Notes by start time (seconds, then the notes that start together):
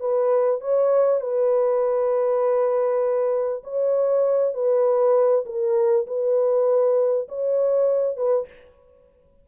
0.00 B4
0.61 C#5
1.21 B4
3.63 C#5
4.54 B4
5.45 A#4
6.07 B4
7.28 C#5
8.17 B4